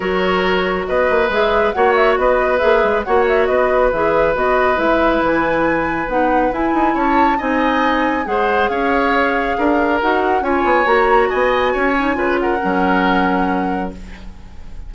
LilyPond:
<<
  \new Staff \with { instrumentName = "flute" } { \time 4/4 \tempo 4 = 138 cis''2 dis''4 e''4 | fis''8 e''8 dis''4 e''4 fis''8 e''8 | dis''4 e''4 dis''4 e''4 | gis''2 fis''4 gis''4 |
a''4 gis''2 fis''4 | f''2. fis''4 | gis''4 ais''4 gis''2~ | gis''8 fis''2.~ fis''8 | }
  \new Staff \with { instrumentName = "oboe" } { \time 4/4 ais'2 b'2 | cis''4 b'2 cis''4 | b'1~ | b'1 |
cis''4 dis''2 c''4 | cis''2 ais'2 | cis''2 dis''4 cis''4 | b'8 ais'2.~ ais'8 | }
  \new Staff \with { instrumentName = "clarinet" } { \time 4/4 fis'2. gis'4 | fis'2 gis'4 fis'4~ | fis'4 gis'4 fis'4 e'4~ | e'2 dis'4 e'4~ |
e'4 dis'2 gis'4~ | gis'2. fis'4 | f'4 fis'2~ fis'8 dis'8 | f'4 cis'2. | }
  \new Staff \with { instrumentName = "bassoon" } { \time 4/4 fis2 b8 ais8 gis4 | ais4 b4 ais8 gis8 ais4 | b4 e4 b4 gis4 | e2 b4 e'8 dis'8 |
cis'4 c'2 gis4 | cis'2 d'4 dis'4 | cis'8 b8 ais4 b4 cis'4 | cis4 fis2. | }
>>